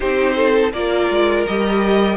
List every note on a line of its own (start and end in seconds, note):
0.00 0.72 C4
0.00 0.71 D#4
0.00 0.35 G4
0.00 0.71 C5
0.35 0.72 A4
0.72 1.09 A#3
0.72 1.47 F4
0.72 2.17 A#4
0.72 1.46 D5
1.09 1.46 G#3
1.46 2.17 G3
1.46 2.17 G4
1.46 2.17 D#5